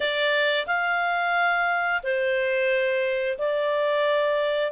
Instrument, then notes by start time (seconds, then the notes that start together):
clarinet
0.00 D5
0.66 F5
2.03 C5
3.38 D5